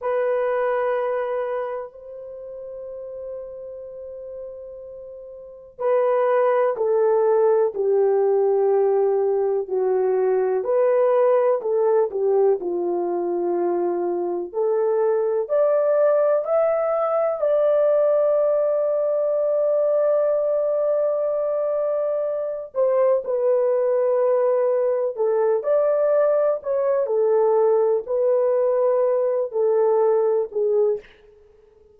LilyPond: \new Staff \with { instrumentName = "horn" } { \time 4/4 \tempo 4 = 62 b'2 c''2~ | c''2 b'4 a'4 | g'2 fis'4 b'4 | a'8 g'8 f'2 a'4 |
d''4 e''4 d''2~ | d''2.~ d''8 c''8 | b'2 a'8 d''4 cis''8 | a'4 b'4. a'4 gis'8 | }